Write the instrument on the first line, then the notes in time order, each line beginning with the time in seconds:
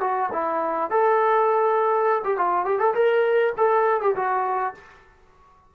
trombone
0.00 F#4
0.32 E4
0.90 A4
2.24 G4
2.37 F4
2.65 G4
2.79 A4
2.94 A#4
3.57 A4
4.00 G4
4.15 F#4